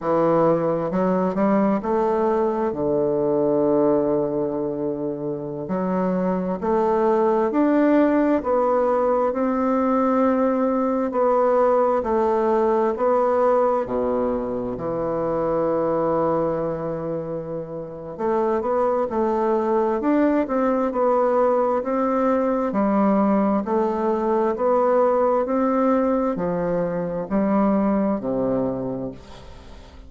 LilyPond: \new Staff \with { instrumentName = "bassoon" } { \time 4/4 \tempo 4 = 66 e4 fis8 g8 a4 d4~ | d2~ d16 fis4 a8.~ | a16 d'4 b4 c'4.~ c'16~ | c'16 b4 a4 b4 b,8.~ |
b,16 e2.~ e8. | a8 b8 a4 d'8 c'8 b4 | c'4 g4 a4 b4 | c'4 f4 g4 c4 | }